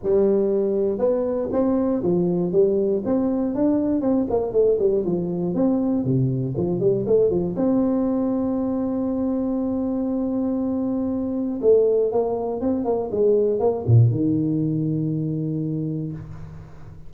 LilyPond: \new Staff \with { instrumentName = "tuba" } { \time 4/4 \tempo 4 = 119 g2 b4 c'4 | f4 g4 c'4 d'4 | c'8 ais8 a8 g8 f4 c'4 | c4 f8 g8 a8 f8 c'4~ |
c'1~ | c'2. a4 | ais4 c'8 ais8 gis4 ais8 ais,8 | dis1 | }